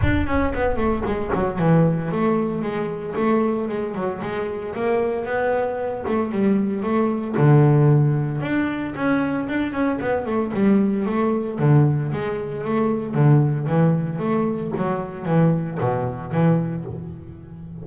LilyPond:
\new Staff \with { instrumentName = "double bass" } { \time 4/4 \tempo 4 = 114 d'8 cis'8 b8 a8 gis8 fis8 e4 | a4 gis4 a4 gis8 fis8 | gis4 ais4 b4. a8 | g4 a4 d2 |
d'4 cis'4 d'8 cis'8 b8 a8 | g4 a4 d4 gis4 | a4 d4 e4 a4 | fis4 e4 b,4 e4 | }